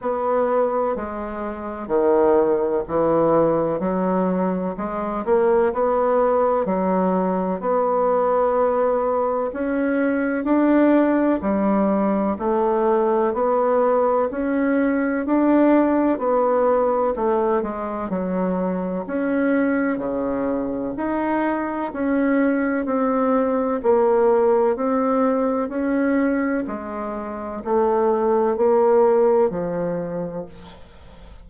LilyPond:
\new Staff \with { instrumentName = "bassoon" } { \time 4/4 \tempo 4 = 63 b4 gis4 dis4 e4 | fis4 gis8 ais8 b4 fis4 | b2 cis'4 d'4 | g4 a4 b4 cis'4 |
d'4 b4 a8 gis8 fis4 | cis'4 cis4 dis'4 cis'4 | c'4 ais4 c'4 cis'4 | gis4 a4 ais4 f4 | }